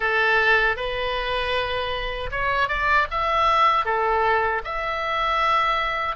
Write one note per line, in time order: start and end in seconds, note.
0.00 0.76 A4
0.76 2.30 B4
2.31 2.68 C#5
2.68 3.07 D5
3.10 3.85 E5
3.85 4.62 A4
4.64 6.15 E5